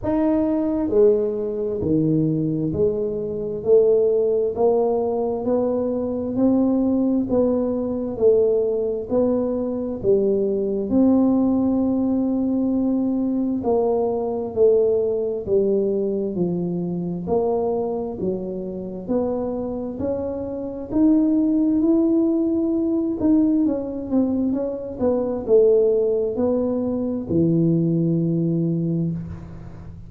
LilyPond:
\new Staff \with { instrumentName = "tuba" } { \time 4/4 \tempo 4 = 66 dis'4 gis4 dis4 gis4 | a4 ais4 b4 c'4 | b4 a4 b4 g4 | c'2. ais4 |
a4 g4 f4 ais4 | fis4 b4 cis'4 dis'4 | e'4. dis'8 cis'8 c'8 cis'8 b8 | a4 b4 e2 | }